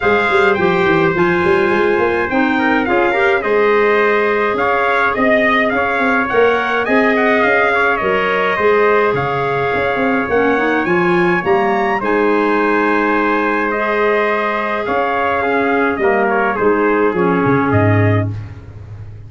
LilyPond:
<<
  \new Staff \with { instrumentName = "trumpet" } { \time 4/4 \tempo 4 = 105 f''4 g''4 gis''2 | g''4 f''4 dis''2 | f''4 dis''4 f''4 fis''4 | gis''8 fis''8 f''4 dis''2 |
f''2 fis''4 gis''4 | ais''4 gis''2. | dis''2 f''2 | dis''8 cis''8 c''4 cis''4 dis''4 | }
  \new Staff \with { instrumentName = "trumpet" } { \time 4/4 c''1~ | c''8 ais'8 gis'8 ais'8 c''2 | cis''4 dis''4 cis''2 | dis''4. cis''4. c''4 |
cis''1~ | cis''4 c''2.~ | c''2 cis''4 gis'4 | ais'4 gis'2. | }
  \new Staff \with { instrumentName = "clarinet" } { \time 4/4 gis'4 g'4 f'2 | dis'4 f'8 g'8 gis'2~ | gis'2. ais'4 | gis'2 ais'4 gis'4~ |
gis'2 cis'8 dis'8 f'4 | ais4 dis'2. | gis'2. cis'4 | ais4 dis'4 cis'2 | }
  \new Staff \with { instrumentName = "tuba" } { \time 4/4 gis8 g8 f8 e8 f8 g8 gis8 ais8 | c'4 cis'4 gis2 | cis'4 c'4 cis'8 c'8 ais4 | c'4 cis'4 fis4 gis4 |
cis4 cis'8 c'8 ais4 f4 | g4 gis2.~ | gis2 cis'2 | g4 gis4 f8 cis8 gis,4 | }
>>